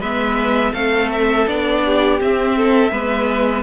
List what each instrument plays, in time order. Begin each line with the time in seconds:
0.00 cello G#3, viola B3, violin B4 E5
0.73 cello A3, viola C4, violin A4 F5
1.12 violin E5
1.47 cello B3, viola D4, violin D5
1.85 violin G4
2.21 cello C4, viola C4, violin E5
2.57 violin A4
2.91 cello G#3, viola B3, violin B4